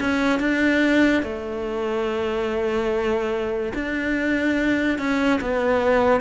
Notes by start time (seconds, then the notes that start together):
0.00 C#4
0.40 D4
1.23 A3
3.74 D4
4.98 C#4
5.41 B3